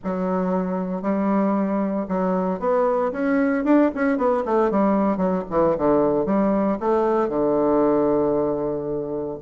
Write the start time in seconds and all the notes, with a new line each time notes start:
0.04 F#3
1.02 G3
2.08 F#3
2.59 B3
3.12 C#4
3.64 D4
3.94 C#4
4.17 B3
4.45 A3
4.70 G3
5.17 F#3
5.50 E3
5.77 D3
6.25 G3
6.80 A3
7.29 D3